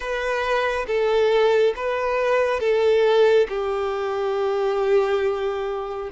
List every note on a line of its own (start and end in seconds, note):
0.00 0.85 B4
0.87 1.74 A4
1.75 2.60 B4
2.60 3.47 A4
3.49 6.09 G4